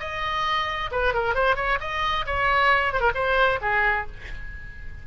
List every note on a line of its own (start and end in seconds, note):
0.00 0.90 D#5
0.91 1.14 B4
1.14 1.35 A#4
1.35 1.56 C5
1.56 1.79 C#5
1.80 2.26 D#5
2.26 2.93 C#5
2.93 3.00 C5
3.00 3.12 A#4
3.15 3.60 C5
3.62 4.07 G#4